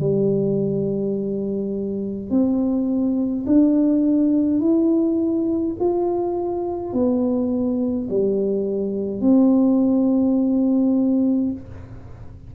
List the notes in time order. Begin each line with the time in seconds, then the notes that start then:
0.00 G3
2.30 C4
3.46 D4
4.60 E4
5.80 F4
6.93 B3
8.10 G3
9.21 C4